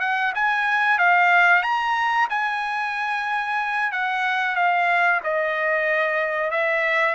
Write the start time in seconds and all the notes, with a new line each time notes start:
0.00 F#5
0.35 G#5
0.98 F5
1.62 A#5
2.29 G#5
3.92 F#5
4.55 F5
5.23 D#5
6.51 E5